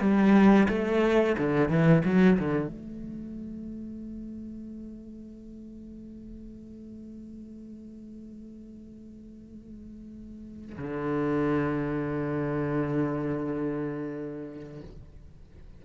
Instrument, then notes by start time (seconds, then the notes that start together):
cello
0.00 G3
0.69 A3
1.39 D3
1.69 E3
2.05 F#3
2.39 D3
2.68 A3
10.77 D3